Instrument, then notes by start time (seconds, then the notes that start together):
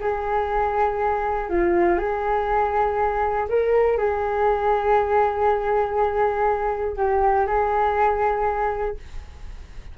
flute
0.00 G#4
1.49 F4
1.98 G#4
3.49 A#4
3.98 G#4
6.96 G4
7.47 G#4